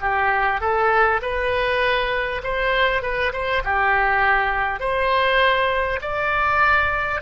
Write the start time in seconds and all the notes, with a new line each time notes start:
0.00 G4
0.60 A4
1.22 B4
2.43 C5
3.02 B4
3.32 C5
3.64 G4
4.79 C5
6.01 D5